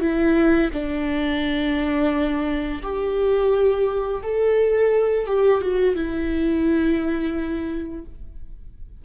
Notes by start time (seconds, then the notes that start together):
0.00 E4
0.72 D4
2.82 G4
4.23 A4
5.26 G4
5.61 F#4
5.95 E4